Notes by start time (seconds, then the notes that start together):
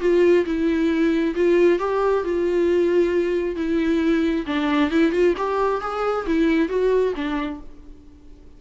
0.00 F4
0.45 E4
1.35 F4
1.79 G4
2.24 F4
3.56 E4
4.46 D4
4.91 E4
5.12 F4
5.37 G4
5.81 G#4
6.26 E4
6.69 F#4
7.15 D4